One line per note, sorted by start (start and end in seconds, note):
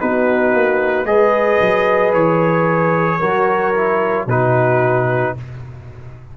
0.00 0.54 B3
0.00 1.06 D#4
0.00 1.08 F#4
0.00 1.06 B4
0.54 1.05 A#3
1.05 1.59 G#3
1.05 3.20 G#4
1.05 3.20 B4
1.05 2.13 D#5
1.61 2.14 F#3
2.14 3.21 E3
2.14 4.28 C#5
3.20 4.27 F#3
3.20 3.74 F#4
3.20 4.27 A#4
3.75 4.28 E4
4.27 5.34 B2
4.27 5.37 D#4
4.27 5.35 F#4
4.27 5.37 B4